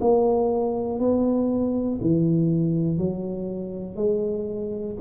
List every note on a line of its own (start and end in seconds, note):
0.00 0.99 A#3
0.99 1.99 B3
2.01 2.98 E3
2.98 3.95 F#3
3.95 4.95 G#3